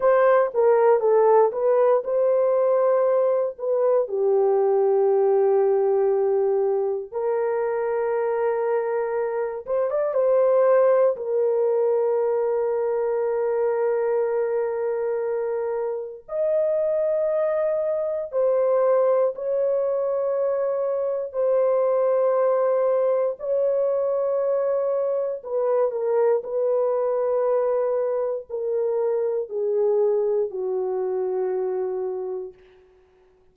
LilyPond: \new Staff \with { instrumentName = "horn" } { \time 4/4 \tempo 4 = 59 c''8 ais'8 a'8 b'8 c''4. b'8 | g'2. ais'4~ | ais'4. c''16 d''16 c''4 ais'4~ | ais'1 |
dis''2 c''4 cis''4~ | cis''4 c''2 cis''4~ | cis''4 b'8 ais'8 b'2 | ais'4 gis'4 fis'2 | }